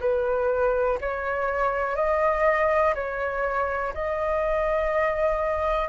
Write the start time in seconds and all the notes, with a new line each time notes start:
0.00 B4
1.00 C#5
1.95 D#5
2.94 C#5
3.94 D#5